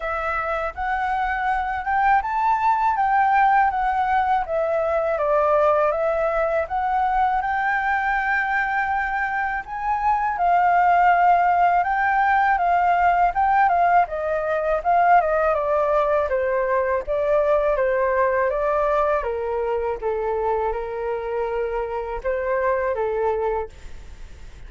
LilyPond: \new Staff \with { instrumentName = "flute" } { \time 4/4 \tempo 4 = 81 e''4 fis''4. g''8 a''4 | g''4 fis''4 e''4 d''4 | e''4 fis''4 g''2~ | g''4 gis''4 f''2 |
g''4 f''4 g''8 f''8 dis''4 | f''8 dis''8 d''4 c''4 d''4 | c''4 d''4 ais'4 a'4 | ais'2 c''4 a'4 | }